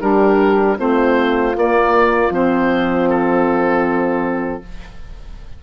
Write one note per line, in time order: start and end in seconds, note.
0.00 0.78 G3
0.00 0.77 D4
0.00 0.78 G4
0.00 0.77 A#4
0.77 1.55 A3
0.77 1.54 C4
0.77 4.63 F4
0.77 1.56 C5
1.55 2.31 A#3
1.55 2.30 A#3
1.55 2.33 D5
2.30 4.61 F3
2.30 4.62 C4
2.30 3.09 C5
3.09 4.63 A4